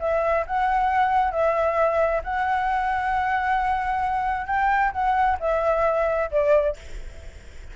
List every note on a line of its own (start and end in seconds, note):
0.00 0.45 E5
0.47 1.32 F#5
1.32 2.22 E5
2.24 4.47 F#5
4.47 4.92 G5
4.92 5.37 F#5
5.40 6.30 E5
6.31 6.76 D5